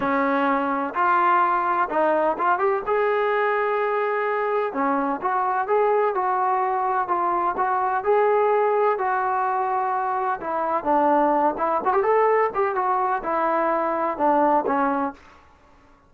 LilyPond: \new Staff \with { instrumentName = "trombone" } { \time 4/4 \tempo 4 = 127 cis'2 f'2 | dis'4 f'8 g'8 gis'2~ | gis'2 cis'4 fis'4 | gis'4 fis'2 f'4 |
fis'4 gis'2 fis'4~ | fis'2 e'4 d'4~ | d'8 e'8 fis'16 g'16 a'4 g'8 fis'4 | e'2 d'4 cis'4 | }